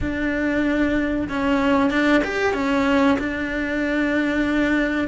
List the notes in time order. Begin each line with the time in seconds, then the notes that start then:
0.00 D4
1.29 C#4
1.90 D4
2.23 G4
2.53 C#4
3.19 D4